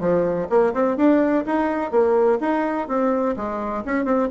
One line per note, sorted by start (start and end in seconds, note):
0.00 0.48 F3
0.50 0.74 A#3
0.74 0.97 C4
0.97 1.45 D4
1.46 1.92 D#4
1.92 2.39 A#3
2.40 2.88 D#4
2.88 3.36 C4
3.36 3.84 G#3
3.85 4.05 C#4
4.05 4.29 C4